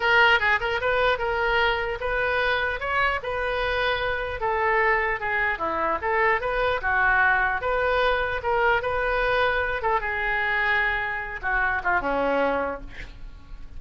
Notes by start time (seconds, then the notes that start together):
0.00 A#4
0.39 G#4
0.60 A#4
0.80 B4
1.18 A#4
2.00 B4
2.80 C#5
3.23 B4
4.40 A4
5.20 G#4
5.58 E4
6.01 A4
6.40 B4
6.81 F#4
7.61 B4
8.42 A#4
8.82 B4
9.81 A4
10.00 G#4
11.41 F#4
11.83 F4
12.00 C#4